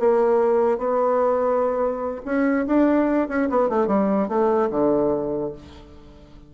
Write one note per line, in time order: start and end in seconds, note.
0.00 0.78 A#3
0.78 2.22 B3
2.25 2.66 C#4
2.67 3.29 D4
3.29 3.49 C#4
3.50 3.69 B3
3.69 3.87 A3
3.87 4.29 G3
4.29 4.70 A3
4.71 5.53 D3